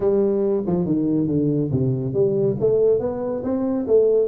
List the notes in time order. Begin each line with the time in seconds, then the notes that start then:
0.00 G3
0.66 F3
0.85 D#3
1.27 D3
1.71 C3
2.13 G3
2.59 A3
2.99 B3
3.43 C4
3.87 A3